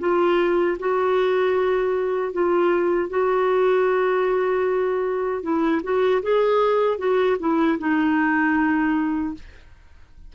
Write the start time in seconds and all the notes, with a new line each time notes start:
0.00 F4
0.79 F#4
2.33 F4
3.10 F#4
5.43 E4
5.84 F#4
6.23 G#4
6.98 F#4
7.40 E4
7.79 D#4